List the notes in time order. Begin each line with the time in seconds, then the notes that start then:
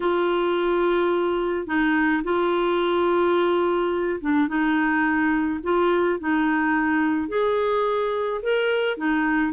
0.00 F4
1.66 D#4
2.23 F4
4.20 D4
4.48 D#4
5.63 F4
6.19 D#4
7.28 G#4
8.42 A#4
8.97 D#4